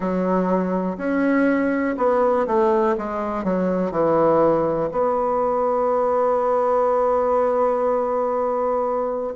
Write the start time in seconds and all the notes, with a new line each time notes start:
0.00 F#3
0.97 C#4
1.97 B3
2.46 A3
2.97 G#3
3.43 F#3
3.91 E3
4.91 B3